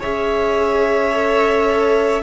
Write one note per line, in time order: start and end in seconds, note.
0.00 2.23 C#4
0.00 1.12 G#4
0.00 2.22 C#5
0.00 2.23 E5
1.12 2.23 A4